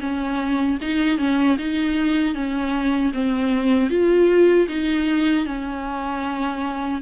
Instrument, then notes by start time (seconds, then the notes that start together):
viola
0.00 C#4
0.81 D#4
1.18 C#4
1.58 D#4
2.34 C#4
3.13 C4
3.89 F4
4.68 D#4
5.45 C#4